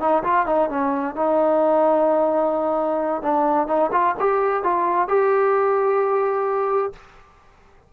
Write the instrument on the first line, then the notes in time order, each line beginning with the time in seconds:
trombone
0.00 D#4
0.23 F4
0.46 D#4
0.69 C#4
1.15 D#4
3.22 D4
3.67 D#4
3.92 F4
4.19 G4
4.63 F4
5.08 G4